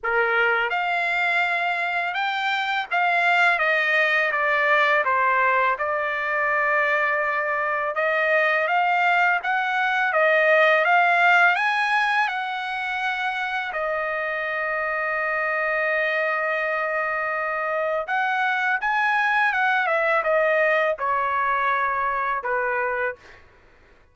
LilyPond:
\new Staff \with { instrumentName = "trumpet" } { \time 4/4 \tempo 4 = 83 ais'4 f''2 g''4 | f''4 dis''4 d''4 c''4 | d''2. dis''4 | f''4 fis''4 dis''4 f''4 |
gis''4 fis''2 dis''4~ | dis''1~ | dis''4 fis''4 gis''4 fis''8 e''8 | dis''4 cis''2 b'4 | }